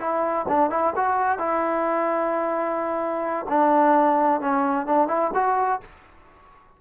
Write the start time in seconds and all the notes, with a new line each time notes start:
0.00 E4
0.48 D4
0.70 E4
0.96 F#4
1.39 E4
3.50 D4
4.41 C#4
4.86 D4
5.08 E4
5.35 F#4